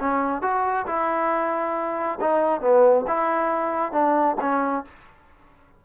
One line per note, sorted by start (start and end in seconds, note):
0.00 0.42 C#4
0.42 0.86 F#4
0.87 2.19 E4
2.21 2.61 D#4
2.61 3.05 B3
3.07 3.92 E4
3.92 4.36 D4
4.41 4.85 C#4